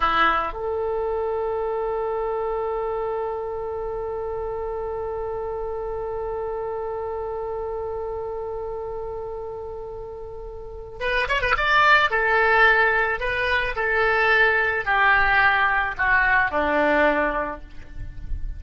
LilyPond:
\new Staff \with { instrumentName = "oboe" } { \time 4/4 \tempo 4 = 109 e'4 a'2.~ | a'1~ | a'1~ | a'1~ |
a'1 | b'8 cis''16 b'16 d''4 a'2 | b'4 a'2 g'4~ | g'4 fis'4 d'2 | }